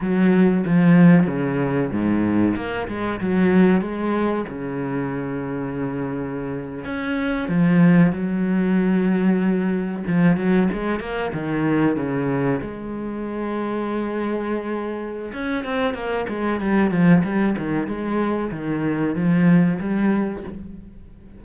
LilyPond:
\new Staff \with { instrumentName = "cello" } { \time 4/4 \tempo 4 = 94 fis4 f4 cis4 gis,4 | ais8 gis8 fis4 gis4 cis4~ | cis2~ cis8. cis'4 f16~ | f8. fis2. f16~ |
f16 fis8 gis8 ais8 dis4 cis4 gis16~ | gis1 | cis'8 c'8 ais8 gis8 g8 f8 g8 dis8 | gis4 dis4 f4 g4 | }